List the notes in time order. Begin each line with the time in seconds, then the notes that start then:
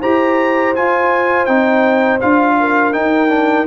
0.00 E4 G4 C5 A#5
0.75 F4 G#5
1.46 C4 D#4 G5
2.21 D4 F4 F5
2.60 A#4
2.93 D#4 G5
3.29 D4